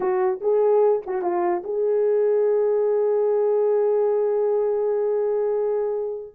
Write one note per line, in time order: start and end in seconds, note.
0.00 0.40 F#4
0.40 1.02 G#4
1.06 1.22 F#4
1.22 1.62 F4
1.64 6.33 G#4